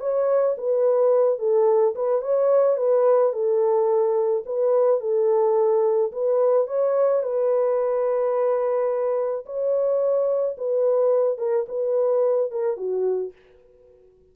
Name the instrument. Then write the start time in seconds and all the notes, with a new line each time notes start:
horn
0.00 C#5
0.58 B4
1.39 A4
1.95 B4
2.21 C#5
2.77 B4
3.33 A4
4.45 B4
5.01 A4
6.12 B4
6.67 C#5
7.23 B4
9.45 C#5
10.58 B4
11.38 A#4
11.68 B4
12.51 A#4
12.77 F#4